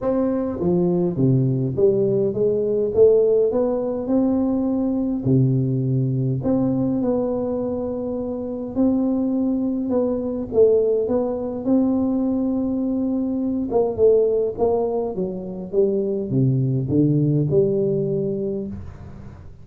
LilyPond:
\new Staff \with { instrumentName = "tuba" } { \time 4/4 \tempo 4 = 103 c'4 f4 c4 g4 | gis4 a4 b4 c'4~ | c'4 c2 c'4 | b2. c'4~ |
c'4 b4 a4 b4 | c'2.~ c'8 ais8 | a4 ais4 fis4 g4 | c4 d4 g2 | }